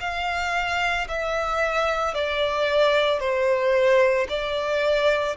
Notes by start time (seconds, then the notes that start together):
0.00 F5
1.08 E5
2.14 D5
3.19 C5
4.29 D5